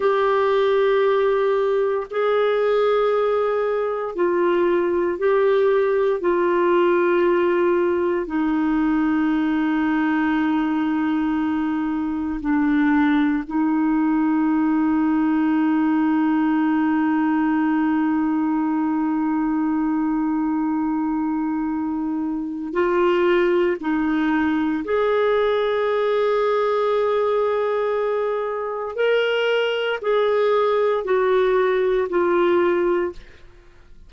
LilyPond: \new Staff \with { instrumentName = "clarinet" } { \time 4/4 \tempo 4 = 58 g'2 gis'2 | f'4 g'4 f'2 | dis'1 | d'4 dis'2.~ |
dis'1~ | dis'2 f'4 dis'4 | gis'1 | ais'4 gis'4 fis'4 f'4 | }